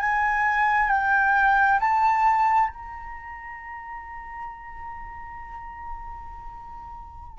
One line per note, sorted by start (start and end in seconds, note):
0.00 0.90 G#5
0.90 1.79 G5
1.80 2.69 A5
2.69 7.39 A#5